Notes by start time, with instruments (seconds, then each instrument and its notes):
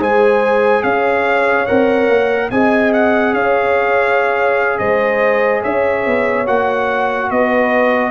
0.00 tuba G#3, trombone G#4, horn C5, trumpet G#5
0.84 tuba C#4, horn C#5, trumpet F5
1.67 tuba C4, trombone A#4, trumpet F#5
2.09 tuba A#3
2.51 tuba C4, trombone G#4, horn D#5, trumpet G#5
2.93 trumpet F#5
3.34 tuba C#4, horn C#5, trumpet F5
4.79 tuba G#3, horn C5, trumpet D#5
5.62 tuba C#4, horn C#5, trumpet E5
6.07 tuba B3
6.47 tuba A#3, trombone F#4, trumpet F#5
7.31 tuba B3, horn B4, trumpet D#5